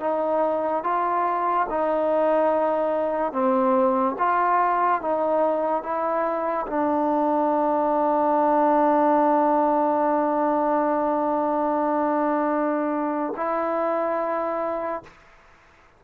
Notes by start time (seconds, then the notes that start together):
0.00 D#4
0.83 F4
1.69 D#4
3.32 C4
4.18 F4
5.01 D#4
5.83 E4
6.67 D4
13.36 E4